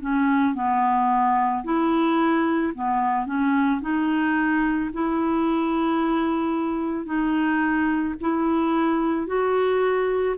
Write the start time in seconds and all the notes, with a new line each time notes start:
0.00 C#4
0.55 B3
1.64 E4
2.74 B3
3.26 C#4
3.81 D#4
4.93 E4
7.06 D#4
8.21 E4
9.27 F#4